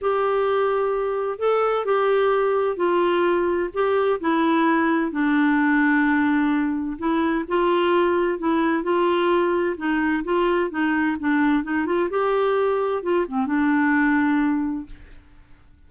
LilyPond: \new Staff \with { instrumentName = "clarinet" } { \time 4/4 \tempo 4 = 129 g'2. a'4 | g'2 f'2 | g'4 e'2 d'4~ | d'2. e'4 |
f'2 e'4 f'4~ | f'4 dis'4 f'4 dis'4 | d'4 dis'8 f'8 g'2 | f'8 c'8 d'2. | }